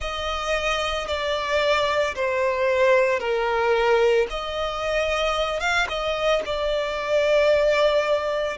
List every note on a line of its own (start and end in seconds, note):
0.00 1.07 D#5
1.07 2.14 D5
2.15 3.19 C5
3.19 4.26 A#4
4.30 5.60 D#5
5.60 5.86 F5
5.88 6.42 D#5
6.45 8.57 D5